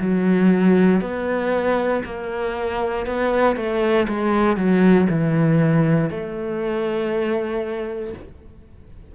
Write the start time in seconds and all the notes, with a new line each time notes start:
0.00 F#3
1.01 B3
2.05 A#3
3.06 B3
3.56 A3
4.08 G#3
4.57 F#3
5.09 E3
6.10 A3